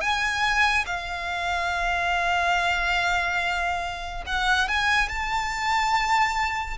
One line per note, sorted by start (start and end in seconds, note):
0.00 0.85 G#5
0.86 4.24 F5
4.26 4.68 F#5
4.68 5.08 G#5
5.08 6.77 A5